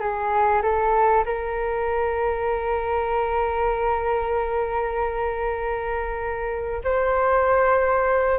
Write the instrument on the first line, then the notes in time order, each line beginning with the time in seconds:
flute
0.00 G#4
0.63 A4
1.25 A#4
6.84 C5